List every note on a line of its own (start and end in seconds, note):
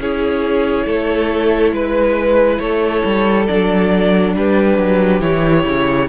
0.00 0.87 C#4
0.00 3.49 E4
0.00 0.87 G#4
0.00 1.75 C#5
0.87 1.72 A3
0.87 1.74 A4
1.72 2.59 G#3
1.72 2.60 B4
1.72 2.62 B4
2.60 3.03 A3
2.60 4.36 A4
2.60 3.47 C#5
3.05 3.49 G3
3.47 4.36 F#3
3.47 5.22 D4
3.47 4.34 D5
4.36 4.78 G3
4.36 6.09 G4
4.36 5.22 B4
4.78 5.21 F#3
5.21 5.65 E3
5.21 6.09 E4
5.21 6.09 C#5
5.66 6.09 C#3